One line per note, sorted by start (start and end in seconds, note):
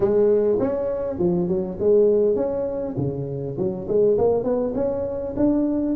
0.00 0.58 G#3
0.59 1.18 C#4
1.18 1.48 F3
1.48 1.77 F#3
1.79 2.35 G#3
2.35 2.95 C#4
2.97 3.56 C#3
3.57 3.87 F#3
3.87 4.17 G#3
4.17 4.43 A#3
4.43 4.73 B3
4.74 5.34 C#4
5.36 5.95 D4